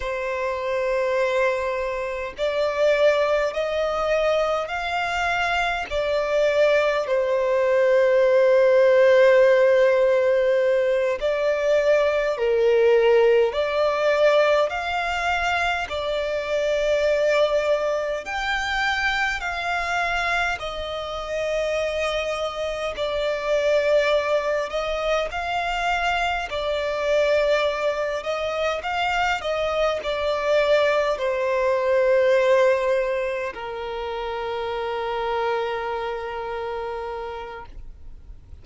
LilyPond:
\new Staff \with { instrumentName = "violin" } { \time 4/4 \tempo 4 = 51 c''2 d''4 dis''4 | f''4 d''4 c''2~ | c''4. d''4 ais'4 d''8~ | d''8 f''4 d''2 g''8~ |
g''8 f''4 dis''2 d''8~ | d''4 dis''8 f''4 d''4. | dis''8 f''8 dis''8 d''4 c''4.~ | c''8 ais'2.~ ais'8 | }